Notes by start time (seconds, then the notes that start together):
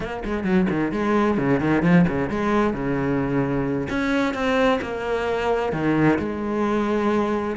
0.00 A#3
0.25 G#3
0.44 F#3
0.69 D#3
0.92 G#3
1.37 C#3
1.59 D#3
1.82 F3
2.08 C#3
2.29 G#3
2.73 C#3
3.89 C#4
4.33 C4
4.81 A#3
5.72 D#3
6.19 G#3